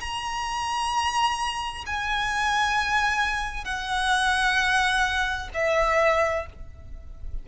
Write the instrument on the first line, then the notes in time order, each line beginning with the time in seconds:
violin
0.00 A#5
1.86 G#5
3.65 F#5
5.54 E5